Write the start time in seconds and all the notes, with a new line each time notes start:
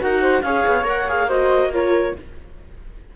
0.00 D#4 F#4 A#4 F#5
0.22 C5
0.42 C#4 G#4 C#5 F5
0.67 B3
0.84 A#3 A#4 F#5
1.09 G#4 F5
1.28 F#4 C5 D#5
1.73 F4 A#4 C#5